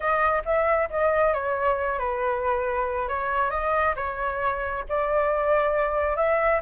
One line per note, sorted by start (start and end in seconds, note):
0.00 0.42 D#5
0.45 0.89 E5
0.90 1.33 D#5
1.33 1.99 C#5
1.99 3.08 B4
3.08 3.50 C#5
3.50 3.94 D#5
3.96 4.84 C#5
4.89 6.16 D5
6.16 6.60 E5